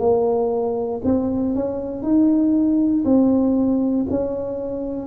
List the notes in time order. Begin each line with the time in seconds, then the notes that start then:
0.00 A#3
1.05 C4
1.56 C#4
2.03 D#4
3.06 C4
4.10 C#4